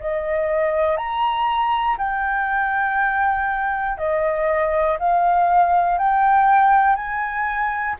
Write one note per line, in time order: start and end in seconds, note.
0.00 0.98 D#5
0.98 1.98 A#5
1.98 3.98 G5
3.98 4.98 D#5
4.99 5.98 F5
5.98 6.96 G5
6.96 7.96 G#5